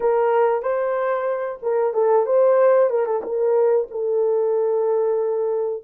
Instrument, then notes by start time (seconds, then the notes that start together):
horn
0.00 A#4
0.62 C5
1.62 A#4
1.93 A4
2.26 C5
2.90 A#4
3.06 A4
3.23 A#4
3.90 A4